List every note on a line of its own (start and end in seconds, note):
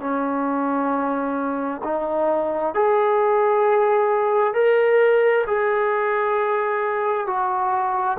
0.00 1.82 C#4
1.84 2.74 D#4
2.74 4.54 G#4
4.54 5.45 A#4
5.47 7.27 G#4
7.27 8.18 F#4